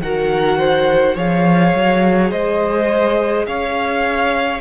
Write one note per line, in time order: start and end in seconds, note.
0.00 1.15 D#3
0.00 1.16 F#4
0.00 0.59 A#4
0.00 1.17 F#5
0.59 1.16 C5
1.16 1.74 F3
1.16 4.61 G#4
1.16 2.31 C#5
1.16 2.32 F5
1.75 2.32 F#3
2.31 3.47 G#3
2.31 3.46 C5
2.31 3.46 D#5
3.46 4.61 C#4
3.46 4.61 C#5
3.46 4.61 F5